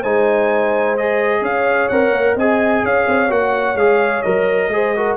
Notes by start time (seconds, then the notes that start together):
0.00 G#3 D#4 C5 G#5
0.97 G#4 D#5
1.41 C#4 C#5 F5
1.88 C4 A#4 F#5
2.11 A#3
2.36 C4 G#4 D#5 G#5
2.83 C#4 C#5 F5
3.08 C4
3.29 A#3 F#4 F#5
3.75 G#3 G#4 F5
4.22 F#3 A#4 D#5
4.68 G#3 G#4
4.74 C5
4.96 F#4 A#4